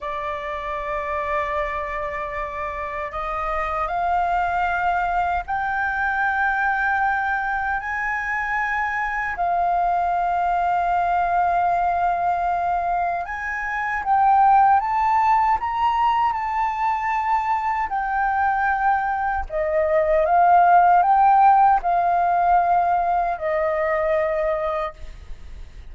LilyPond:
\new Staff \with { instrumentName = "flute" } { \time 4/4 \tempo 4 = 77 d''1 | dis''4 f''2 g''4~ | g''2 gis''2 | f''1~ |
f''4 gis''4 g''4 a''4 | ais''4 a''2 g''4~ | g''4 dis''4 f''4 g''4 | f''2 dis''2 | }